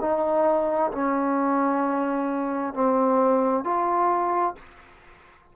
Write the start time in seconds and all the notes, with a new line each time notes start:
0.00 D#4
0.92 C#4
2.74 C4
3.64 F4